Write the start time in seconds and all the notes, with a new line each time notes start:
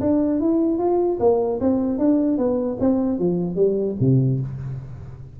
0.00 D4
0.39 E4
0.78 F4
1.19 A#3
1.60 C4
1.98 D4
2.37 B3
2.80 C4
3.19 F3
3.55 G3
4.00 C3